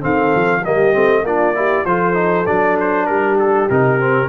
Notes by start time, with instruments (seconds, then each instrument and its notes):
0.00 tuba D#3, trombone C4, horn A4, trumpet F5
0.35 tuba F3
0.60 tuba G3, trombone A#3, horn G4, trumpet D#5
0.93 tuba A3, trombone C4
1.22 tuba A#3, trombone D4, horn F4, trumpet D5
1.55 trombone E4, horn G4
1.85 tuba F3, trombone F4, horn A4, trumpet C5
2.14 trombone D#4
2.46 tuba F#3, trombone D4, trumpet D5
2.80 trumpet C5
3.05 tuba G3, horn G4, trumpet A#4
3.38 trumpet A4
3.69 tuba C3, trombone D#4, trumpet A#4
4.00 trombone C4